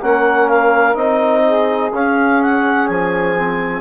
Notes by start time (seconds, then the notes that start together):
0.00 A#3 C#4 A#4 F#5
0.49 F5
0.95 C4 D#4 D#5
1.46 G#4
1.93 C#4 F5
2.42 F#5
2.87 F3 G#5
3.37 C4